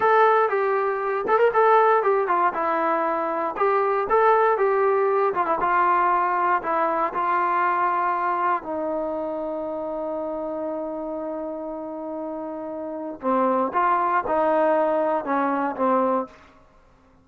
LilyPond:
\new Staff \with { instrumentName = "trombone" } { \time 4/4 \tempo 4 = 118 a'4 g'4. a'16 ais'16 a'4 | g'8 f'8 e'2 g'4 | a'4 g'4. f'16 e'16 f'4~ | f'4 e'4 f'2~ |
f'4 dis'2.~ | dis'1~ | dis'2 c'4 f'4 | dis'2 cis'4 c'4 | }